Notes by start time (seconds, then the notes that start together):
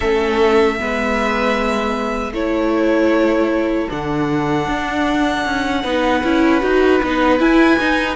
0.00 A3 C#4 A4 E5
0.79 G#3 B3 B4
2.32 A3 E4 A4 C#5
3.89 D3 D4 F#5
4.67 D4
5.45 C#4
5.83 B3 D#4 B4
6.23 C#4 E4
6.61 D#4 F#4
7.03 B3 D#4
7.39 E4 G#5
7.79 D#4